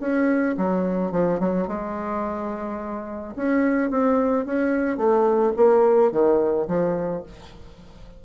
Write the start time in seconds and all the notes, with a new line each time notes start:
0.00 C#4
0.57 F#3
1.12 F3
1.40 F#3
1.68 G#3
3.36 C#4
3.90 C4
4.45 C#4
4.97 A3
5.57 A#3
6.12 D#3
6.68 F3